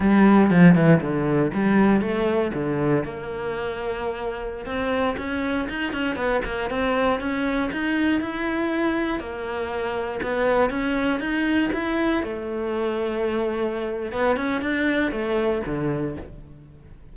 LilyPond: \new Staff \with { instrumentName = "cello" } { \time 4/4 \tempo 4 = 119 g4 f8 e8 d4 g4 | a4 d4 ais2~ | ais4~ ais16 c'4 cis'4 dis'8 cis'16~ | cis'16 b8 ais8 c'4 cis'4 dis'8.~ |
dis'16 e'2 ais4.~ ais16~ | ais16 b4 cis'4 dis'4 e'8.~ | e'16 a2.~ a8. | b8 cis'8 d'4 a4 d4 | }